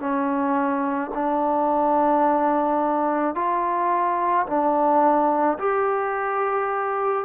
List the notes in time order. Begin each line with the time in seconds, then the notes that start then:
0.00 C#4
1.14 D4
3.35 F4
4.46 D4
5.59 G4